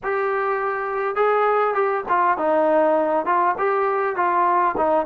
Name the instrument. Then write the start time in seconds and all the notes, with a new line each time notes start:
trombone
0.03 G4
1.15 G#4
1.74 G4
2.08 F4
2.37 D#4
3.25 F4
3.58 G4
4.16 F4
4.77 D#4